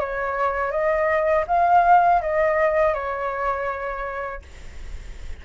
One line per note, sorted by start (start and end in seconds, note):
0.00 0.71 C#5
0.71 1.45 D#5
1.47 2.21 F5
2.21 2.94 D#5
2.94 4.42 C#5